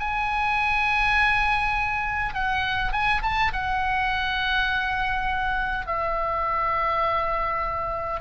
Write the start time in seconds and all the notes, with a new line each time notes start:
0.00 G#5
2.34 F#5
2.93 G#5
3.23 A5
3.53 F#5
5.87 E5